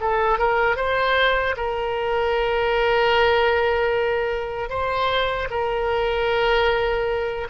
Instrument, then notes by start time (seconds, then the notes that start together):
oboe
0.00 A4
0.38 A#4
0.76 C5
1.56 A#4
4.69 C5
5.50 A#4